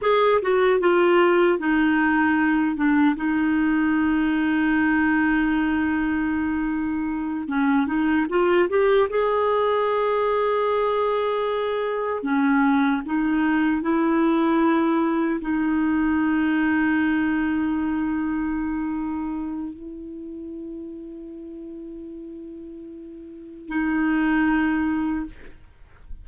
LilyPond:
\new Staff \with { instrumentName = "clarinet" } { \time 4/4 \tempo 4 = 76 gis'8 fis'8 f'4 dis'4. d'8 | dis'1~ | dis'4. cis'8 dis'8 f'8 g'8 gis'8~ | gis'2.~ gis'8 cis'8~ |
cis'8 dis'4 e'2 dis'8~ | dis'1~ | dis'4 e'2.~ | e'2 dis'2 | }